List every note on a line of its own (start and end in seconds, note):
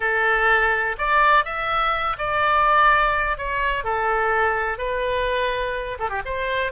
0.00 0.96 A4
0.98 1.44 D5
1.44 2.16 E5
2.18 3.37 D5
3.37 3.84 C#5
3.84 4.78 A4
4.78 5.98 B4
5.99 6.09 A4
6.09 6.21 G4
6.25 6.72 C5